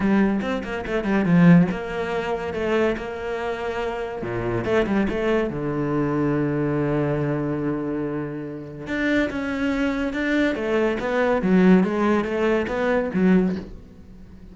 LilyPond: \new Staff \with { instrumentName = "cello" } { \time 4/4 \tempo 4 = 142 g4 c'8 ais8 a8 g8 f4 | ais2 a4 ais4~ | ais2 ais,4 a8 g8 | a4 d2.~ |
d1~ | d4 d'4 cis'2 | d'4 a4 b4 fis4 | gis4 a4 b4 fis4 | }